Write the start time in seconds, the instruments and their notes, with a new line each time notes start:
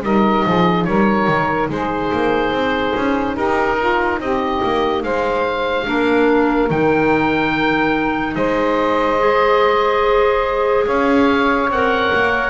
0.00 double bass G3, clarinet D#4, saxophone A#4, oboe D#5
0.45 double bass F3, saxophone G#4
0.84 double bass G3, saxophone A#4, oboe C#5
1.27 double bass D#3
1.69 double bass G#3, saxophone G#4, oboe C5
2.12 double bass A#3
2.51 double bass C4
2.95 double bass C#4
3.34 double bass D#4, saxophone G4, oboe A#4
3.78 saxophone F4
4.19 double bass C4, saxophone G4, oboe D#5
4.63 double bass A#3
5.03 double bass G#3, saxophone C5, oboe F5
5.85 double bass A#3, clarinet D4, saxophone A#4
6.69 double bass D#3, clarinet D#4, oboe G5
8.35 double bass G#3, saxophone C5, oboe D#5
9.19 clarinet G#4
10.85 double bass C#4, saxophone C#5, oboe F5
11.69 double bass C4, clarinet A#4, oboe F#5
12.13 double bass A#3